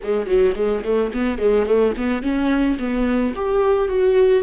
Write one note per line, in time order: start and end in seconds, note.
0.03 0.26 G#3
0.26 0.54 F#3
0.55 0.83 G#3
0.84 1.12 A3
1.13 1.38 B3
1.38 1.66 G#3
1.66 1.93 A3
1.96 2.22 B3
2.22 2.78 C#4
2.79 3.34 B3
3.35 3.88 G4
3.88 4.43 F#4